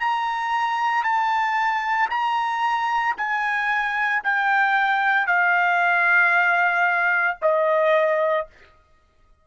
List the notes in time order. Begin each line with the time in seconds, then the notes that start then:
0.00 A#5
1.03 A5
2.10 A#5
3.17 G#5
4.23 G5
5.27 F5
7.41 D#5